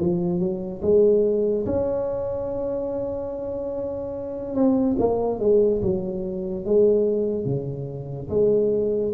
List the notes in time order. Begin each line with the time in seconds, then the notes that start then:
0.00 F3
0.40 F#3
0.82 G#3
1.66 C#4
4.55 C4
4.99 A#3
5.40 G#3
5.82 F#3
6.65 G#3
7.45 C#3
8.30 G#3